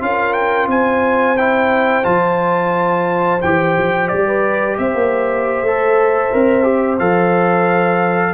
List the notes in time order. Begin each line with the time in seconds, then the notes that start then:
0.00 C#4 F4 A#4 F5
0.33 G5
0.66 C4 C5 G#5
1.37 E4 G5
2.03 F3 F4 A5
3.41 E3 G4 G5
3.77 F3
4.08 G3 D5
4.26 B4
4.77 C4 C5 E5
4.94 A#3
5.62 A3 A4
6.33 C4 A#4
6.63 G4
6.99 F3 A4 F5